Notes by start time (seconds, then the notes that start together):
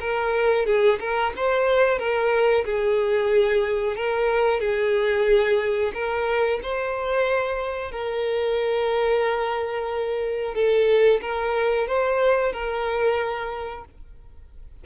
0.00 A#4
0.66 G#4
1.00 A#4
1.36 C5
1.98 A#4
2.64 G#4
3.96 A#4
4.60 G#4
5.93 A#4
6.62 C5
7.91 A#4
10.54 A4
11.21 A#4
11.87 C5
12.52 A#4